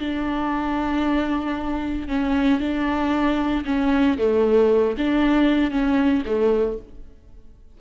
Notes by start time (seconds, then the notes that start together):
0.00 D4
2.08 C#4
2.60 D4
3.65 C#4
4.18 A3
4.98 D4
5.71 C#4
6.26 A3